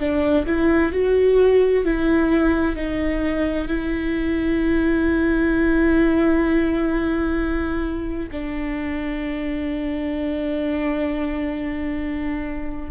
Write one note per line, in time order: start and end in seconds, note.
0.00 0.46 D4
0.47 0.92 E4
0.92 1.85 F#4
1.85 2.77 E4
2.77 3.68 D#4
3.68 8.30 E4
8.32 12.91 D4